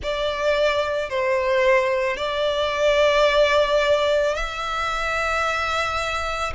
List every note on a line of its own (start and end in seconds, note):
0.02 1.09 D5
1.09 2.17 C5
2.17 4.35 D5
4.35 6.53 E5